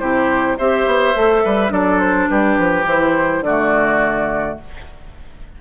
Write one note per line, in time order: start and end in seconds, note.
0.00 0.58 C3
0.00 0.58 E4
0.00 0.58 G4
0.00 0.57 C5
0.58 0.87 C4
0.58 1.15 G4
0.58 1.44 C5
0.58 1.72 E5
0.87 1.15 B3
1.15 1.45 A3
1.15 1.69 A4
1.45 1.72 G3
1.45 1.73 B4
1.69 2.29 F#3
1.69 2.83 D4
1.69 2.30 A4
1.69 2.00 D5
2.00 2.28 C5
2.29 2.59 G3
2.29 3.44 G4
2.29 2.86 B4
2.59 2.86 F3
2.86 3.41 E3
2.86 3.45 E4
2.86 3.44 C5
3.41 4.55 D3
3.41 4.60 F#4
3.41 4.58 D5
3.47 4.62 A3